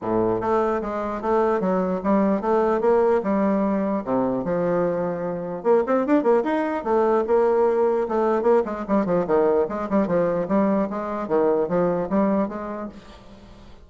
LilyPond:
\new Staff \with { instrumentName = "bassoon" } { \time 4/4 \tempo 4 = 149 a,4 a4 gis4 a4 | fis4 g4 a4 ais4 | g2 c4 f4~ | f2 ais8 c'8 d'8 ais8 |
dis'4 a4 ais2 | a4 ais8 gis8 g8 f8 dis4 | gis8 g8 f4 g4 gis4 | dis4 f4 g4 gis4 | }